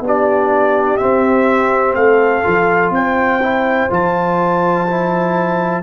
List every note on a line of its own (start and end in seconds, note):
0.00 0.97 B3
0.00 0.98 D4
0.00 1.97 G4
0.06 0.97 D5
0.97 2.43 C4
0.97 1.95 C4
0.97 1.93 E5
1.95 2.43 A3
1.95 2.94 A4
1.95 2.92 F5
2.43 2.90 F3
2.43 3.40 F4
2.90 3.86 C4
2.90 5.83 C5
2.90 3.91 G5
3.42 3.89 E4
3.89 5.83 F3
3.89 4.86 F4
3.89 5.83 A5
4.87 5.83 E4